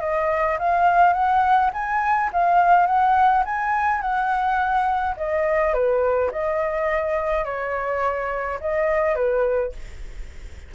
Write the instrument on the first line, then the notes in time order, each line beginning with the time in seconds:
flute
0.00 D#5
0.59 F5
1.13 F#5
1.73 G#5
2.33 F5
2.86 F#5
3.45 G#5
4.01 F#5
5.17 D#5
5.73 B4
6.31 D#5
7.45 C#5
8.60 D#5
9.15 B4